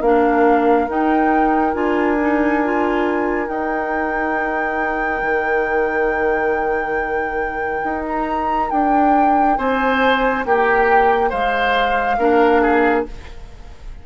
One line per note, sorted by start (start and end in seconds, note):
0.00 0.87 A#3
0.00 0.88 D4
0.00 9.57 A#4
0.00 0.88 F5
0.87 1.74 D#4
0.87 1.73 D#4
0.87 1.74 G5
1.73 3.48 D4
1.73 2.16 F4
1.73 3.47 G#5
2.20 2.63 D#4
2.63 3.47 F4
3.47 12.17 D#4
3.47 5.21 D#4
3.47 8.04 G5
5.21 7.82 D#3
7.83 8.70 D#4
8.08 8.70 A#5
8.70 9.57 D4
8.70 9.57 G5
9.57 10.44 C4
9.57 10.45 C5
9.57 10.44 G#5
10.45 11.32 A#3
10.45 11.29 G4
10.45 11.31 G5
11.29 12.17 G#3
11.29 12.16 C5
11.29 13.05 F5
12.17 13.04 A#3
12.17 13.06 D4
12.17 12.62 A#4
12.62 13.05 G#4